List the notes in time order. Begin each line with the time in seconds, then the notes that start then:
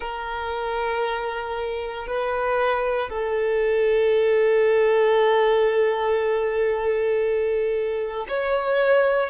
0.00 A#4
2.07 B4
3.09 A4
8.28 C#5